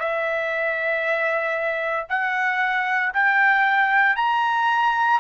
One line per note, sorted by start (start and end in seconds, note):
0.00 2.07 E5
2.10 3.13 F#5
3.14 4.17 G5
4.17 5.20 A#5